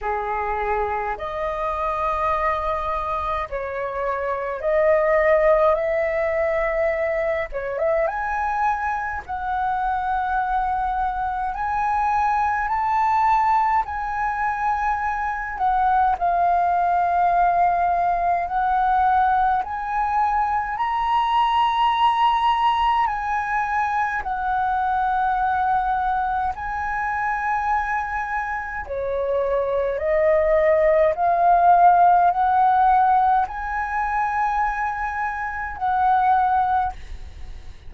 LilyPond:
\new Staff \with { instrumentName = "flute" } { \time 4/4 \tempo 4 = 52 gis'4 dis''2 cis''4 | dis''4 e''4. cis''16 e''16 gis''4 | fis''2 gis''4 a''4 | gis''4. fis''8 f''2 |
fis''4 gis''4 ais''2 | gis''4 fis''2 gis''4~ | gis''4 cis''4 dis''4 f''4 | fis''4 gis''2 fis''4 | }